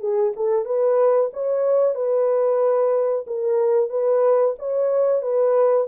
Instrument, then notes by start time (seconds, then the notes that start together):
horn
0.00 G#4
0.36 A4
0.65 B4
1.33 C#5
1.95 B4
3.27 A#4
3.90 B4
4.59 C#5
5.22 B4